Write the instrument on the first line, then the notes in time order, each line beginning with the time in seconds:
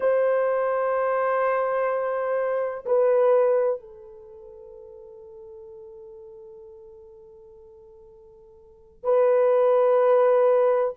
horn
0.00 C5
2.85 B4
3.80 A4
9.03 B4